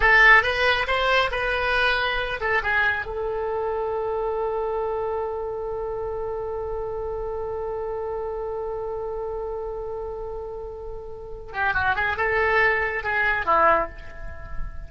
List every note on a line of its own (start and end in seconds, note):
0.00 0.42 A4
0.42 0.86 B4
0.87 1.30 C5
1.31 2.40 B4
2.40 2.62 A4
2.62 3.05 G#4
3.05 11.52 A4
11.52 11.74 G4
11.74 11.95 F#4
11.95 12.16 G#4
12.16 13.03 A4
13.03 13.45 G#4
13.45 13.89 E4